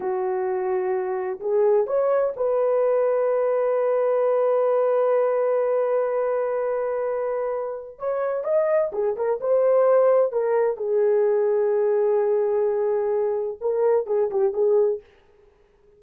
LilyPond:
\new Staff \with { instrumentName = "horn" } { \time 4/4 \tempo 4 = 128 fis'2. gis'4 | cis''4 b'2.~ | b'1~ | b'1~ |
b'4 cis''4 dis''4 gis'8 ais'8 | c''2 ais'4 gis'4~ | gis'1~ | gis'4 ais'4 gis'8 g'8 gis'4 | }